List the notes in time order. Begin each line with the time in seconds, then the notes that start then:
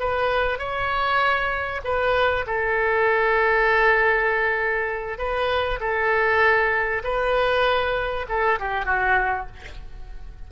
0.00 B4
0.58 C#5
1.84 B4
2.47 A4
5.18 B4
5.80 A4
7.04 B4
8.28 A4
8.60 G4
8.86 F#4